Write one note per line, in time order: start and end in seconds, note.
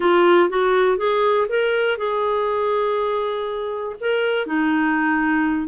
0.00 0.49 F4
0.49 0.97 F#4
0.97 1.47 G#4
1.48 1.97 A#4
1.97 3.96 G#4
4.00 4.46 A#4
4.46 5.68 D#4